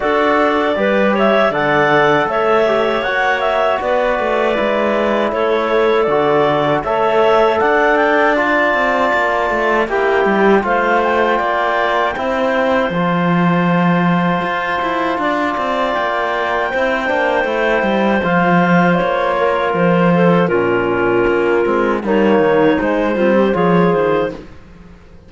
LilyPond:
<<
  \new Staff \with { instrumentName = "clarinet" } { \time 4/4 \tempo 4 = 79 d''4. e''8 fis''4 e''4 | fis''8 e''8 d''2 cis''4 | d''4 e''4 fis''8 g''8 a''4~ | a''4 g''4 f''8 g''4.~ |
g''4 a''2.~ | a''4 g''2. | f''4 cis''4 c''4 ais'4~ | ais'4 cis''4 c''4 cis''8 c''8 | }
  \new Staff \with { instrumentName = "clarinet" } { \time 4/4 a'4 b'8 cis''8 d''4 cis''4~ | cis''4 b'2 a'4~ | a'4 cis''4 d''2~ | d''4 g'4 c''4 d''4 |
c''1 | d''2 c''2~ | c''4. ais'4 a'8 f'4~ | f'4 dis'4. f'16 g'16 gis'4 | }
  \new Staff \with { instrumentName = "trombone" } { \time 4/4 fis'4 g'4 a'4. g'8 | fis'2 e'2 | fis'4 a'2 f'4~ | f'4 e'4 f'2 |
e'4 f'2.~ | f'2 e'8 d'8 e'4 | f'2. cis'4~ | cis'8 c'8 ais4 gis8 c'8 f'4 | }
  \new Staff \with { instrumentName = "cello" } { \time 4/4 d'4 g4 d4 a4 | ais4 b8 a8 gis4 a4 | d4 a4 d'4. c'8 | ais8 a8 ais8 g8 a4 ais4 |
c'4 f2 f'8 e'8 | d'8 c'8 ais4 c'8 ais8 a8 g8 | f4 ais4 f4 ais,4 | ais8 gis8 g8 dis8 gis8 g8 f8 dis8 | }
>>